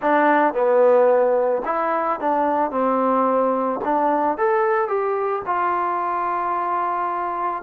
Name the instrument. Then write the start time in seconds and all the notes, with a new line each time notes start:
trombone
0.01 D4
0.53 B3
1.65 E4
2.19 D4
2.70 C4
3.84 D4
4.37 A4
4.88 G4
5.45 F4